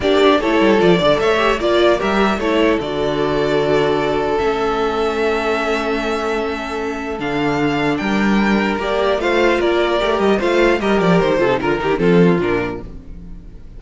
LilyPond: <<
  \new Staff \with { instrumentName = "violin" } { \time 4/4 \tempo 4 = 150 d''4 cis''4 d''4 e''4 | d''4 e''4 cis''4 d''4~ | d''2. e''4~ | e''1~ |
e''2 f''2 | g''2 d''4 f''4 | d''4. dis''8 f''4 dis''8 d''8 | c''4 ais'8 g'8 a'4 ais'4 | }
  \new Staff \with { instrumentName = "violin" } { \time 4/4 g'4 a'4. d''8 cis''4 | d''4 ais'4 a'2~ | a'1~ | a'1~ |
a'1 | ais'2. c''4 | ais'2 c''4 ais'4~ | ais'8 a'8 ais'4 f'2 | }
  \new Staff \with { instrumentName = "viola" } { \time 4/4 d'4 e'4 f'8 a'4 g'8 | f'4 g'4 e'4 fis'4~ | fis'2. cis'4~ | cis'1~ |
cis'2 d'2~ | d'2 g'4 f'4~ | f'4 g'4 f'4 g'4~ | g'8 f'16 dis'16 f'8 dis'16 d'16 c'4 d'4 | }
  \new Staff \with { instrumentName = "cello" } { \time 4/4 ais4 a8 g8 f8 d8 a4 | ais4 g4 a4 d4~ | d2. a4~ | a1~ |
a2 d2 | g2 ais4 a4 | ais4 a8 g8 a4 g8 f8 | dis8 c8 d8 dis8 f4 ais,4 | }
>>